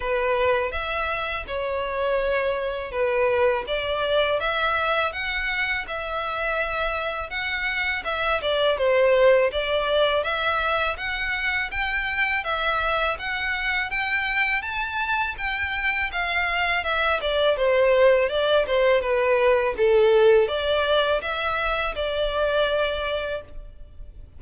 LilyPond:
\new Staff \with { instrumentName = "violin" } { \time 4/4 \tempo 4 = 82 b'4 e''4 cis''2 | b'4 d''4 e''4 fis''4 | e''2 fis''4 e''8 d''8 | c''4 d''4 e''4 fis''4 |
g''4 e''4 fis''4 g''4 | a''4 g''4 f''4 e''8 d''8 | c''4 d''8 c''8 b'4 a'4 | d''4 e''4 d''2 | }